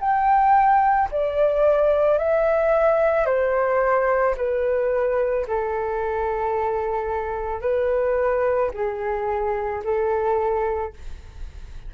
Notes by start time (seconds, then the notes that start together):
0.00 G5
1.12 D5
2.18 E5
3.26 C5
4.37 B4
5.47 A4
7.62 B4
8.74 G#4
9.84 A4